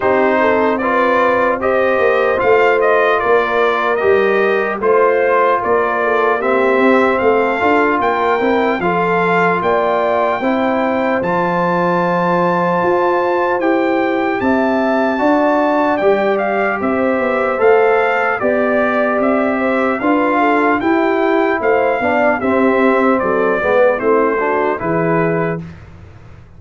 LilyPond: <<
  \new Staff \with { instrumentName = "trumpet" } { \time 4/4 \tempo 4 = 75 c''4 d''4 dis''4 f''8 dis''8 | d''4 dis''4 c''4 d''4 | e''4 f''4 g''4 f''4 | g''2 a''2~ |
a''4 g''4 a''2 | g''8 f''8 e''4 f''4 d''4 | e''4 f''4 g''4 f''4 | e''4 d''4 c''4 b'4 | }
  \new Staff \with { instrumentName = "horn" } { \time 4/4 g'8 a'8 b'4 c''2 | ais'2 c''4 ais'8 a'8 | g'4 a'4 ais'4 a'4 | d''4 c''2.~ |
c''2 e''4 d''4~ | d''4 c''2 d''4~ | d''8 c''8 b'8 a'8 g'4 c''8 d''8 | g'4 a'8 b'8 e'8 fis'8 gis'4 | }
  \new Staff \with { instrumentName = "trombone" } { \time 4/4 dis'4 f'4 g'4 f'4~ | f'4 g'4 f'2 | c'4. f'4 e'8 f'4~ | f'4 e'4 f'2~ |
f'4 g'2 fis'4 | g'2 a'4 g'4~ | g'4 f'4 e'4. d'8 | c'4. b8 c'8 d'8 e'4 | }
  \new Staff \with { instrumentName = "tuba" } { \time 4/4 c'2~ c'8 ais8 a4 | ais4 g4 a4 ais4~ | ais8 c'8 a8 d'8 ais8 c'8 f4 | ais4 c'4 f2 |
f'4 e'4 c'4 d'4 | g4 c'8 b8 a4 b4 | c'4 d'4 e'4 a8 b8 | c'4 fis8 gis8 a4 e4 | }
>>